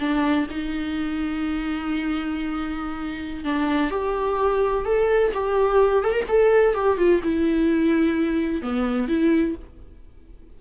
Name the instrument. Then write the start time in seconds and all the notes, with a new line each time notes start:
viola
0.00 D4
0.50 D#4
3.45 D4
3.91 G4
4.86 A4
5.34 G4
6.04 A4
6.12 A#4
6.29 A4
6.75 G4
6.98 F4
7.23 E4
8.62 B3
9.08 E4